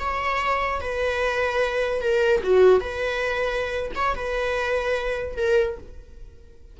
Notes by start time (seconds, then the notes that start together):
0.00 C#5
0.81 B4
2.01 A#4
2.44 F#4
2.81 B4
3.96 C#5
4.15 B4
5.37 A#4